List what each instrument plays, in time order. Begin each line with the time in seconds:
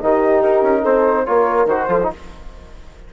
0.00 bassoon D#3, trombone D#4, horn G4, flute D#5
0.42 bassoon D#4, flute A#4
0.62 bassoon C#4
0.81 bassoon C4, horn A4, flute C5
1.25 bassoon A#3, trombone F4, horn A#4, flute C#5
1.65 bassoon D#3, trombone F#4, flute C5
1.88 bassoon F3, trombone F4, horn A4
2.03 trombone D#4